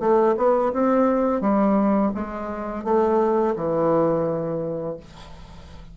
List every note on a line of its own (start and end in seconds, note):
0.00 0.35 A3
0.37 0.72 B3
0.73 1.41 C4
1.41 2.12 G3
2.15 2.84 G#3
2.84 3.55 A3
3.56 4.97 E3